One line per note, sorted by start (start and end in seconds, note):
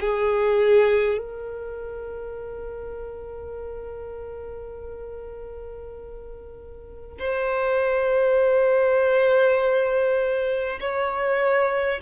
0.00 1.18 G#4
1.18 7.18 A#4
7.19 10.79 C5
10.81 12.01 C#5